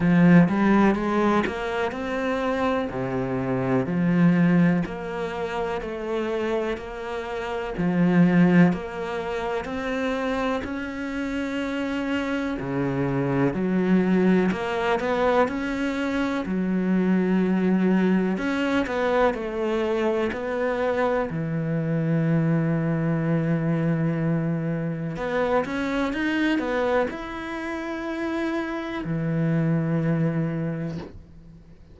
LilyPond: \new Staff \with { instrumentName = "cello" } { \time 4/4 \tempo 4 = 62 f8 g8 gis8 ais8 c'4 c4 | f4 ais4 a4 ais4 | f4 ais4 c'4 cis'4~ | cis'4 cis4 fis4 ais8 b8 |
cis'4 fis2 cis'8 b8 | a4 b4 e2~ | e2 b8 cis'8 dis'8 b8 | e'2 e2 | }